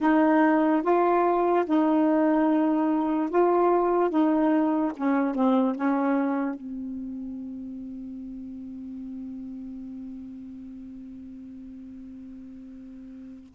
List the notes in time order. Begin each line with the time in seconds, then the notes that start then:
0.00 D#4
0.82 F4
1.65 D#4
3.29 F4
4.09 D#4
4.96 C#4
5.35 C4
5.75 C#4
6.55 C4